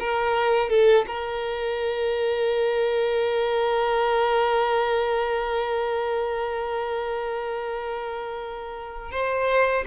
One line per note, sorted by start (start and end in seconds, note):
0.00 0.70 A#4
0.70 1.06 A4
1.07 9.11 A#4
9.11 9.84 C5